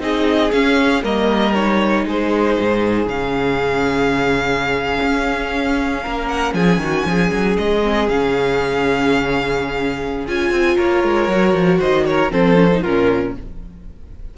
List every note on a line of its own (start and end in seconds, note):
0.00 0.51 C4
0.00 0.51 D#4
0.00 1.04 G#4
0.00 0.52 D#5
0.52 1.04 C#4
0.52 1.03 C#4
0.52 1.03 F5
1.03 2.06 G3
1.03 1.54 A#3
1.03 2.07 A#4
1.03 1.55 D#5
1.55 3.08 D#4
1.55 2.06 C#5
2.06 2.57 G#3
2.06 6.03 G#4
2.06 3.09 C5
2.61 3.07 G#2
3.07 4.99 C#3
3.07 7.82 C#4
3.07 6.28 F5
5.03 6.06 C#4
6.03 6.54 A#3
6.03 6.54 A#4
6.28 6.54 F#5
6.54 6.77 F3
6.54 6.81 G#4
6.54 7.57 G#5
6.77 7.03 D#3
6.84 7.09 F#4
7.06 7.32 F3
7.06 10.76 G#4
7.32 7.58 F#3
7.58 8.09 G#3
7.58 8.09 D#5
7.83 8.09 C4
8.09 10.27 C#3
8.09 10.28 C#4
8.09 10.27 F5
10.28 10.51 C#4
10.28 11.31 F4
10.28 10.78 G#5
10.51 10.77 C4
10.76 11.04 A#3
10.76 11.79 A#4
10.76 11.80 C#5
11.04 11.29 G#3
11.29 11.54 F#3
11.29 12.32 F#4
11.54 11.80 F3
11.79 12.32 D#3
11.79 12.04 C5
11.79 12.06 D#5
12.06 12.33 A#4
12.06 12.32 C#5
12.32 12.84 F3
12.32 12.56 C4
12.32 12.82 A4
12.32 12.84 C5
12.56 12.69 C#4
12.72 12.85 D#4
12.82 13.37 A#2
12.82 13.38 C#4
12.82 13.33 F4
12.82 13.35 A#4